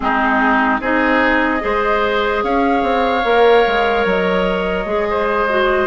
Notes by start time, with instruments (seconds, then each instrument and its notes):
0.00 bassoon G#3, clarinet C4, oboe D#4, flute G#4
0.80 bassoon C4, clarinet D#4, oboe G#4, flute D#5
1.59 bassoon G#3, clarinet G#4, oboe C5
2.43 bassoon C#4, oboe C#5, flute F5
2.82 bassoon C4
3.24 bassoon A#3, clarinet A#4
3.66 bassoon G#3
4.05 bassoon F#3, flute D#5
4.85 bassoon G#3, clarinet G#4
5.09 oboe C5
5.49 clarinet F#4